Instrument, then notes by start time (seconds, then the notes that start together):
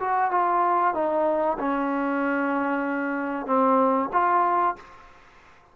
trombone
0.00 F#4
0.31 F4
0.94 D#4
1.58 C#4
3.47 C4
4.13 F4